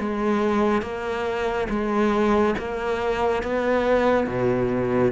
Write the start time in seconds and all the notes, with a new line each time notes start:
0.00 G#3
0.82 A#3
1.69 G#3
2.59 A#3
3.43 B3
4.27 B2